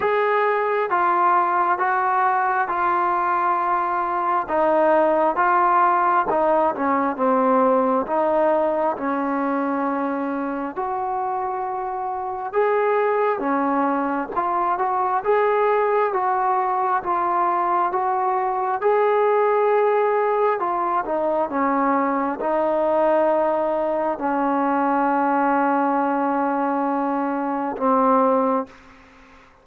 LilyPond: \new Staff \with { instrumentName = "trombone" } { \time 4/4 \tempo 4 = 67 gis'4 f'4 fis'4 f'4~ | f'4 dis'4 f'4 dis'8 cis'8 | c'4 dis'4 cis'2 | fis'2 gis'4 cis'4 |
f'8 fis'8 gis'4 fis'4 f'4 | fis'4 gis'2 f'8 dis'8 | cis'4 dis'2 cis'4~ | cis'2. c'4 | }